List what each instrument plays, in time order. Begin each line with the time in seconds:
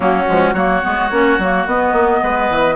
0.00 bassoon F#3, clarinet A#3, oboe C#4, flute F#4
0.26 bassoon F3, clarinet G#3
0.53 bassoon F#3, clarinet A#3, oboe F#4, flute C#5
0.82 bassoon G#3, clarinet B3
1.10 bassoon A#3, clarinet C#4
1.38 bassoon F#3, clarinet A#3
1.66 bassoon B3, clarinet B3, flute D#5
1.92 bassoon A#3
2.22 bassoon G#3, oboe B4
2.50 bassoon E3